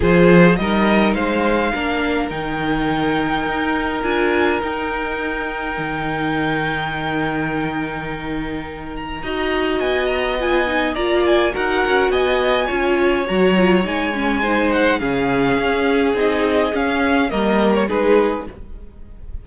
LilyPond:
<<
  \new Staff \with { instrumentName = "violin" } { \time 4/4 \tempo 4 = 104 c''4 dis''4 f''2 | g''2. gis''4 | g''1~ | g''2.~ g''8 ais''8~ |
ais''4 gis''8 ais''8 gis''4 ais''8 gis''8 | fis''4 gis''2 ais''4 | gis''4. fis''8 f''2 | dis''4 f''4 dis''8. cis''16 b'4 | }
  \new Staff \with { instrumentName = "violin" } { \time 4/4 gis'4 ais'4 c''4 ais'4~ | ais'1~ | ais'1~ | ais'1 |
dis''2. d''4 | ais'4 dis''4 cis''2~ | cis''4 c''4 gis'2~ | gis'2 ais'4 gis'4 | }
  \new Staff \with { instrumentName = "viola" } { \time 4/4 f'4 dis'2 d'4 | dis'2. f'4 | dis'1~ | dis'1 |
fis'2 f'8 dis'8 f'4 | fis'2 f'4 fis'8 f'8 | dis'8 cis'8 dis'4 cis'2 | dis'4 cis'4 ais4 dis'4 | }
  \new Staff \with { instrumentName = "cello" } { \time 4/4 f4 g4 gis4 ais4 | dis2 dis'4 d'4 | dis'2 dis2~ | dis1 |
dis'4 b2 ais4 | dis'8 cis'8 b4 cis'4 fis4 | gis2 cis4 cis'4 | c'4 cis'4 g4 gis4 | }
>>